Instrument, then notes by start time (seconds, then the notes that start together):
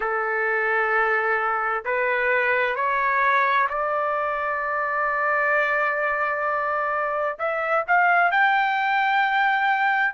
trumpet
0.00 A4
1.84 B4
2.75 C#5
3.69 D5
7.38 E5
7.87 F5
8.31 G5